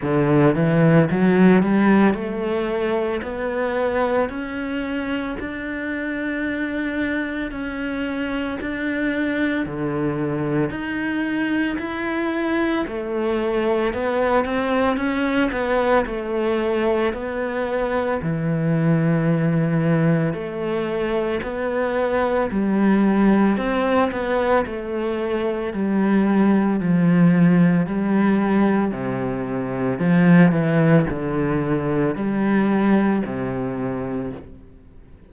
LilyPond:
\new Staff \with { instrumentName = "cello" } { \time 4/4 \tempo 4 = 56 d8 e8 fis8 g8 a4 b4 | cis'4 d'2 cis'4 | d'4 d4 dis'4 e'4 | a4 b8 c'8 cis'8 b8 a4 |
b4 e2 a4 | b4 g4 c'8 b8 a4 | g4 f4 g4 c4 | f8 e8 d4 g4 c4 | }